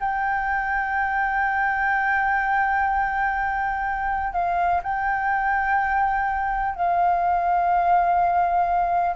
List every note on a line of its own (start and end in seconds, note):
0.00 4.32 G5
4.32 4.81 F5
4.83 6.75 G5
6.75 9.15 F5